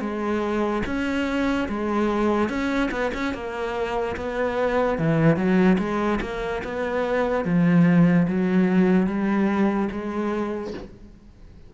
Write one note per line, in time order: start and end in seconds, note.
0.00 0.82 G#3
0.86 1.68 C#4
1.68 2.49 G#3
2.49 2.90 C#4
2.91 3.12 B3
3.13 3.34 C#4
3.34 4.16 A#3
4.16 4.98 B3
4.98 5.36 E3
5.36 5.77 F#3
5.78 6.19 G#3
6.21 6.62 A#3
6.64 7.44 B3
7.44 8.26 F3
8.28 9.06 F#3
9.06 9.89 G3
9.91 10.73 G#3